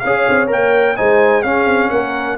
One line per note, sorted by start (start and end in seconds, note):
0.00 0.28 C#4
0.00 0.97 C#5
0.00 0.47 F5
0.06 0.48 G#4
0.30 0.51 C4
0.48 0.98 A#3
0.48 0.95 A#4
0.48 0.97 G5
0.97 1.44 G#3
0.97 1.44 D#4
0.97 1.43 C5
0.97 1.43 G#5
1.43 1.66 C#4
1.43 2.38 C#4
1.43 1.90 G#4
1.43 1.90 F5
1.66 1.90 C4
1.90 2.38 A#3
1.90 2.38 A#4
1.90 2.37 F#5